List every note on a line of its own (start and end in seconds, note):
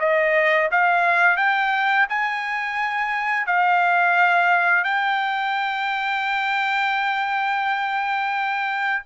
0.00 0.70 D#5
0.71 1.37 F5
1.37 2.07 G5
2.10 3.47 G#5
3.47 4.84 F5
4.84 9.03 G5